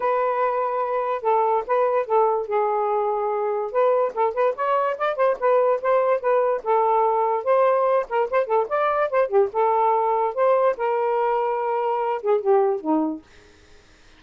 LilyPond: \new Staff \with { instrumentName = "saxophone" } { \time 4/4 \tempo 4 = 145 b'2. a'4 | b'4 a'4 gis'2~ | gis'4 b'4 a'8 b'8 cis''4 | d''8 c''8 b'4 c''4 b'4 |
a'2 c''4. ais'8 | c''8 a'8 d''4 c''8 g'8 a'4~ | a'4 c''4 ais'2~ | ais'4. gis'8 g'4 dis'4 | }